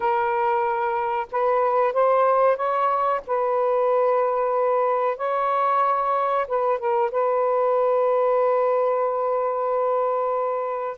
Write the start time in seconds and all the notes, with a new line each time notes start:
0.00 A#4
1.31 B4
1.93 C5
2.56 C#5
3.26 B4
5.17 C#5
6.47 B4
6.78 A#4
7.11 B4